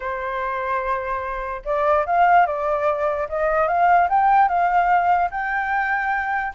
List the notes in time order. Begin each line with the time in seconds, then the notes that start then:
0.00 C5
1.64 D5
2.06 F5
2.46 D5
3.28 D#5
3.67 F5
4.09 G5
4.48 F5
5.30 G5